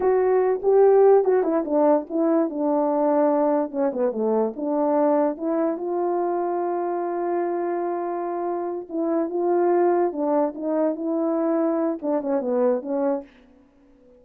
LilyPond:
\new Staff \with { instrumentName = "horn" } { \time 4/4 \tempo 4 = 145 fis'4. g'4. fis'8 e'8 | d'4 e'4 d'2~ | d'4 cis'8 b8 a4 d'4~ | d'4 e'4 f'2~ |
f'1~ | f'4. e'4 f'4.~ | f'8 d'4 dis'4 e'4.~ | e'4 d'8 cis'8 b4 cis'4 | }